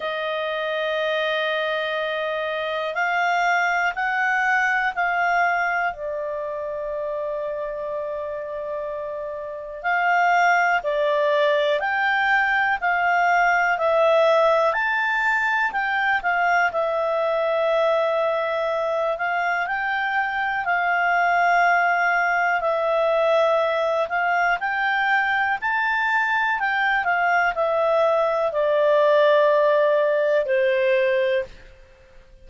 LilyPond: \new Staff \with { instrumentName = "clarinet" } { \time 4/4 \tempo 4 = 61 dis''2. f''4 | fis''4 f''4 d''2~ | d''2 f''4 d''4 | g''4 f''4 e''4 a''4 |
g''8 f''8 e''2~ e''8 f''8 | g''4 f''2 e''4~ | e''8 f''8 g''4 a''4 g''8 f''8 | e''4 d''2 c''4 | }